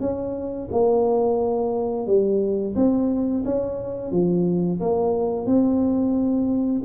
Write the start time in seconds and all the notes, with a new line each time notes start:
0.00 C#4
0.71 A#3
2.06 G3
2.75 C4
3.45 C#4
4.11 F3
4.80 A#3
5.46 C4